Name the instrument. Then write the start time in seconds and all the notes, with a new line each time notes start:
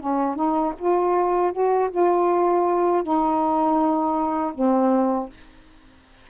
saxophone
0.00 C#4
0.36 D#4
0.78 F4
1.53 F#4
1.91 F4
3.03 D#4
4.55 C4